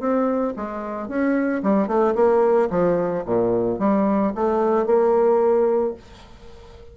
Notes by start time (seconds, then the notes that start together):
0.00 C4
0.57 G#3
1.08 C#4
1.63 G3
1.88 A3
2.15 A#3
2.71 F3
3.26 A#2
3.79 G3
4.35 A3
4.86 A#3